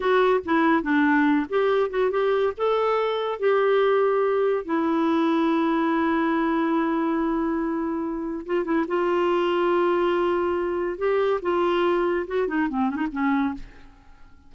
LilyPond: \new Staff \with { instrumentName = "clarinet" } { \time 4/4 \tempo 4 = 142 fis'4 e'4 d'4. g'8~ | g'8 fis'8 g'4 a'2 | g'2. e'4~ | e'1~ |
e'1 | f'8 e'8 f'2.~ | f'2 g'4 f'4~ | f'4 fis'8 dis'8 c'8 cis'16 dis'16 cis'4 | }